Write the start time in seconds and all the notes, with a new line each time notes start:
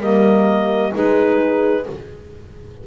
0.00 G3 A#3 A#4 D#5
0.92 G#3 D#4 G#4 B4